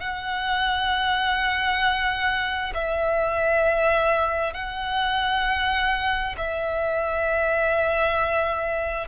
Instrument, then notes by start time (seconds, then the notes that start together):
violin
0.00 F#5
2.74 E5
4.53 F#5
6.37 E5